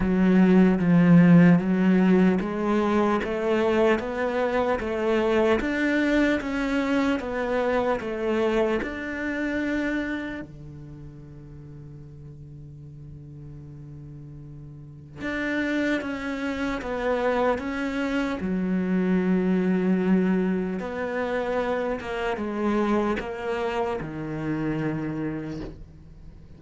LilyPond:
\new Staff \with { instrumentName = "cello" } { \time 4/4 \tempo 4 = 75 fis4 f4 fis4 gis4 | a4 b4 a4 d'4 | cis'4 b4 a4 d'4~ | d'4 d2.~ |
d2. d'4 | cis'4 b4 cis'4 fis4~ | fis2 b4. ais8 | gis4 ais4 dis2 | }